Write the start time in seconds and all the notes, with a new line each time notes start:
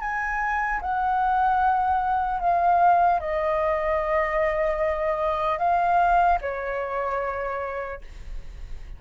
0.00 G#5
0.81 F#5
2.40 F5
3.20 D#5
5.58 F5
6.41 C#5